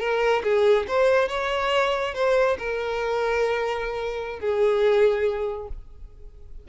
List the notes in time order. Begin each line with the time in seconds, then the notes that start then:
0.00 A#4
0.44 G#4
0.88 C5
1.29 C#5
2.15 C5
2.59 A#4
4.40 G#4